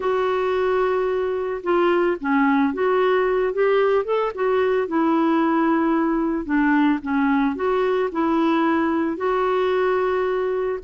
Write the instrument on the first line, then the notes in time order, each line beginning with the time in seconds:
clarinet
0.00 F#4
1.63 F4
2.20 C#4
2.73 F#4
3.53 G4
4.04 A4
4.34 F#4
4.87 E4
6.45 D4
7.02 C#4
7.55 F#4
8.12 E4
9.16 F#4